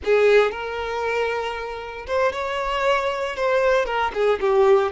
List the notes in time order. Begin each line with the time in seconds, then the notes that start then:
0.04 G#4
0.51 A#4
2.07 C5
2.32 C#5
3.36 C5
3.85 A#4
4.14 G#4
4.40 G4